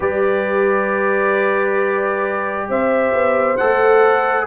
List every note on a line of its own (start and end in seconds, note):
0.00 2.68 G3
0.00 3.56 G4
0.00 2.66 B4
0.00 2.70 D5
2.68 3.12 C4
2.68 4.47 C5
2.68 3.57 E5
3.12 3.57 B3
3.57 4.47 A3
3.57 4.47 A4
3.57 4.46 F#5